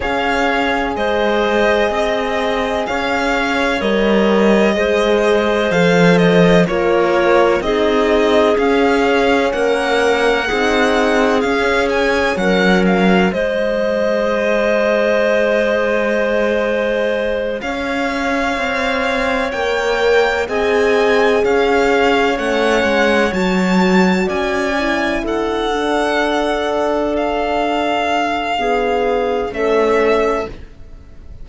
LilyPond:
<<
  \new Staff \with { instrumentName = "violin" } { \time 4/4 \tempo 4 = 63 f''4 dis''2 f''4 | dis''2 f''8 dis''8 cis''4 | dis''4 f''4 fis''2 | f''8 gis''8 fis''8 f''8 dis''2~ |
dis''2~ dis''8 f''4.~ | f''8 g''4 gis''4 f''4 fis''8~ | fis''8 a''4 gis''4 fis''4.~ | fis''8 f''2~ f''8 e''4 | }
  \new Staff \with { instrumentName = "clarinet" } { \time 4/4 cis''4 c''4 dis''4 cis''4~ | cis''4 c''2 ais'4 | gis'2 ais'4 gis'4~ | gis'4 ais'4 c''2~ |
c''2~ c''8 cis''4.~ | cis''4. dis''4 cis''4.~ | cis''4. d''4 a'4.~ | a'2 gis'4 a'4 | }
  \new Staff \with { instrumentName = "horn" } { \time 4/4 gis'1 | ais'4 gis'4 a'4 f'4 | dis'4 cis'2 dis'4 | cis'2 gis'2~ |
gis'1~ | gis'8 ais'4 gis'2 cis'8~ | cis'8 fis'4. e'4 d'4~ | d'2 b4 cis'4 | }
  \new Staff \with { instrumentName = "cello" } { \time 4/4 cis'4 gis4 c'4 cis'4 | g4 gis4 f4 ais4 | c'4 cis'4 ais4 c'4 | cis'4 fis4 gis2~ |
gis2~ gis8 cis'4 c'8~ | c'8 ais4 c'4 cis'4 a8 | gis8 fis4 cis'4 d'4.~ | d'2. a4 | }
>>